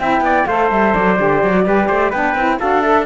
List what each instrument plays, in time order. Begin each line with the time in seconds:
0.00 cello C4, saxophone E4, trumpet E5, flute G5
0.21 cello B3, trumpet D5
0.46 cello A3, saxophone A4, trumpet C5, flute F5
0.71 cello G3, flute E5
0.95 cello F#3, flute D5
1.17 cello D3, saxophone G4
1.43 cello F#3
1.55 saxophone F#4
1.65 cello G3, saxophone G4, trumpet B4
1.88 cello A3, trumpet C5
2.11 cello B3, saxophone D4, trumpet B4, flute G5
2.35 cello C4, saxophone E4
2.60 cello D4, saxophone F#4, trumpet A4, flute F5
2.82 saxophone A4, flute E5